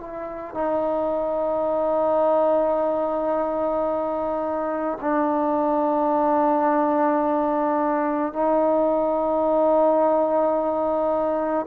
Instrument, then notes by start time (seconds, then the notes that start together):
trombone
0.00 E4
0.54 D#4
5.01 D4
8.33 D#4